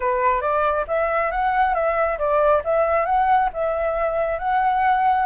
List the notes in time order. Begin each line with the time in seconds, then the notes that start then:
0.00 B4
0.41 D5
0.87 E5
1.31 F#5
1.74 E5
2.18 D5
2.64 E5
3.05 F#5
3.53 E5
4.38 F#5